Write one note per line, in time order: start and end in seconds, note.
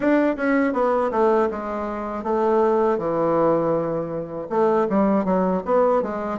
0.00 0.36 D4
0.36 0.73 C#4
0.73 1.10 B3
1.11 1.48 A3
1.50 2.23 G#3
2.23 2.98 A3
2.98 4.48 E3
4.49 4.87 A3
4.89 5.24 G3
5.24 5.62 F#3
5.65 6.02 B3
6.02 6.39 G#3